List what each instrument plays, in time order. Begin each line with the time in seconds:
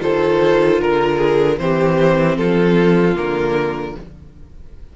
0.00 cello D#3, viola F4, violin A4 C5
0.80 cello D3, violin A#4
1.17 violin G#4
1.58 cello E3, viola C4, violin G4 C5
2.37 cello F3, violin F4 A4
3.15 cello D3, viola A#3, violin A#4